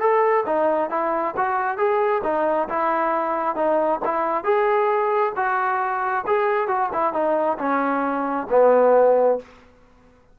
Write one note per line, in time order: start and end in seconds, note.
0.00 0.44 A4
0.46 0.90 D#4
0.90 1.35 E4
1.37 1.78 F#4
1.78 2.22 G#4
2.24 2.68 D#4
2.69 3.56 E4
3.56 4.00 D#4
4.05 4.44 E4
4.44 5.33 G#4
5.36 6.25 F#4
6.27 6.68 G#4
6.68 6.90 F#4
6.93 7.13 E4
7.13 7.58 D#4
7.58 8.47 C#4
8.50 9.39 B3